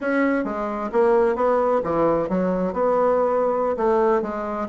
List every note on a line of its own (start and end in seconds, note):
0.00 0.44 C#4
0.44 0.90 G#3
0.91 1.35 A#3
1.35 1.81 B3
1.83 2.29 E3
2.29 2.73 F#3
2.73 3.76 B3
3.76 4.22 A3
4.22 4.68 G#3